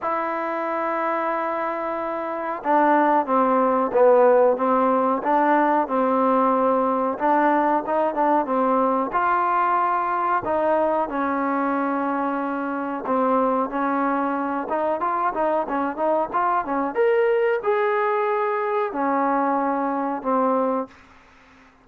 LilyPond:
\new Staff \with { instrumentName = "trombone" } { \time 4/4 \tempo 4 = 92 e'1 | d'4 c'4 b4 c'4 | d'4 c'2 d'4 | dis'8 d'8 c'4 f'2 |
dis'4 cis'2. | c'4 cis'4. dis'8 f'8 dis'8 | cis'8 dis'8 f'8 cis'8 ais'4 gis'4~ | gis'4 cis'2 c'4 | }